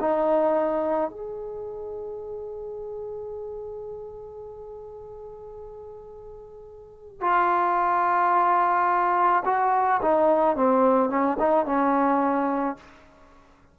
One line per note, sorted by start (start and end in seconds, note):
0.00 1.10 D#4
1.10 7.21 G#4
7.21 9.43 F4
9.45 10.01 F#4
10.02 10.56 D#4
10.56 11.09 C4
11.09 11.37 C#4
11.39 11.65 D#4
11.65 12.76 C#4